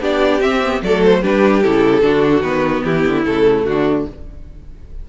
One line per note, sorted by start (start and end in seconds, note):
0.00 0.40 B3
0.00 0.41 D4
0.00 0.83 G4
0.00 0.41 D5
0.40 0.81 C4
0.40 0.61 C4
0.40 0.81 E5
0.62 0.83 B3
0.82 1.23 F#3
0.82 1.22 A3
0.82 1.21 A4
0.82 1.03 D5
1.04 1.23 C5
1.21 1.63 G3
1.21 1.63 D4
1.21 2.02 G4
1.21 1.62 B4
1.62 2.02 C#3
1.62 2.01 E4
1.62 2.42 A4
2.01 2.41 D3
2.01 2.42 D4
2.01 2.84 F#4
2.41 2.82 D#3
2.41 3.24 B3
2.41 2.83 B4
2.84 3.05 E3
2.84 3.66 E4
2.84 3.24 G4
3.06 3.26 D3
3.25 3.65 C#3
3.25 4.07 A3
3.25 3.65 A4
3.65 4.05 D3
3.65 4.09 D4
3.65 4.05 F#4